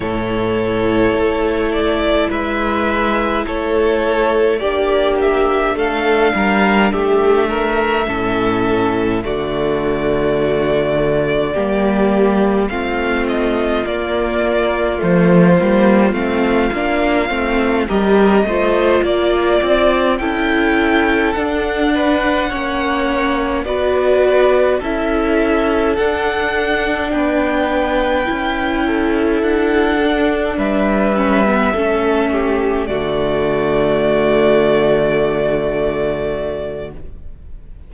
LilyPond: <<
  \new Staff \with { instrumentName = "violin" } { \time 4/4 \tempo 4 = 52 cis''4. d''8 e''4 cis''4 | d''8 e''8 f''4 e''2 | d''2. f''8 dis''8 | d''4 c''4 f''4. dis''8~ |
dis''8 d''4 g''4 fis''4.~ | fis''8 d''4 e''4 fis''4 g''8~ | g''4. fis''4 e''4.~ | e''8 d''2.~ d''8 | }
  \new Staff \with { instrumentName = "violin" } { \time 4/4 a'2 b'4 a'4 | g'4 a'8 ais'8 g'8 ais'8 a'4 | fis'2 g'4 f'4~ | f'2.~ f'8 ais'8 |
c''8 d''4 a'4. b'8 cis''8~ | cis''8 b'4 a'2 b'8~ | b'4 a'4. b'4 a'8 | g'8 fis'2.~ fis'8 | }
  \new Staff \with { instrumentName = "viola" } { \time 4/4 e'1 | d'2. cis'4 | a2 ais4 c'4 | ais4 a8 ais8 c'8 d'8 c'8 g'8 |
f'4. e'4 d'4 cis'8~ | cis'8 fis'4 e'4 d'4.~ | d'8 e'4. d'4 cis'16 b16 cis'8~ | cis'8 a2.~ a8 | }
  \new Staff \with { instrumentName = "cello" } { \time 4/4 a,4 a4 gis4 a4 | ais4 a8 g8 a4 a,4 | d2 g4 a4 | ais4 f8 g8 a8 ais8 a8 g8 |
a8 ais8 c'8 cis'4 d'4 ais8~ | ais8 b4 cis'4 d'4 b8~ | b8 cis'4 d'4 g4 a8~ | a8 d2.~ d8 | }
>>